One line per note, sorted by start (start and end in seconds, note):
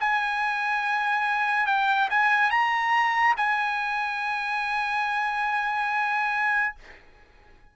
0.00 1.67 G#5
1.67 2.09 G5
2.10 2.50 G#5
2.50 3.35 A#5
3.37 6.75 G#5